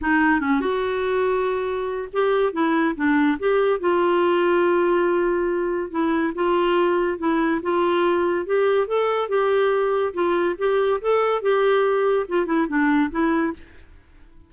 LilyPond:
\new Staff \with { instrumentName = "clarinet" } { \time 4/4 \tempo 4 = 142 dis'4 cis'8 fis'2~ fis'8~ | fis'4 g'4 e'4 d'4 | g'4 f'2.~ | f'2 e'4 f'4~ |
f'4 e'4 f'2 | g'4 a'4 g'2 | f'4 g'4 a'4 g'4~ | g'4 f'8 e'8 d'4 e'4 | }